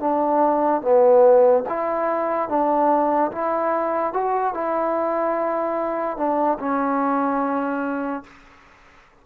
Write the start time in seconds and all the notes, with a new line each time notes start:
0.00 D4
0.81 B3
1.69 E4
2.49 D4
3.32 E4
4.13 F#4
4.54 E4
6.17 D4
6.59 C#4